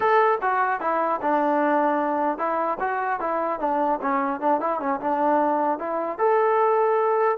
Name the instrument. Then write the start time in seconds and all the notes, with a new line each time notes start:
trombone
0.00 A4
0.41 F#4
0.80 E4
1.21 D4
2.37 E4
2.80 F#4
3.20 E4
3.59 D4
4.01 C#4
4.40 D4
4.60 E4
4.80 C#4
5.00 D4
5.78 E4
6.18 A4